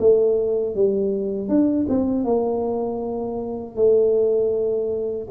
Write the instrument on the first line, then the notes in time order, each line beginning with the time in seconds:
tuba
0.00 A3
0.76 G3
1.49 D4
1.90 C4
2.25 A#3
3.77 A3